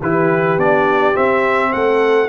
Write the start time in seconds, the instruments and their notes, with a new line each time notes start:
0.00 tuba E3, trombone E4, horn G4, trumpet B4
0.57 tuba B3, trombone D4, trumpet D5
1.14 trombone C4, tuba C4, trumpet E5
1.72 tuba A3, horn A4, trumpet F#5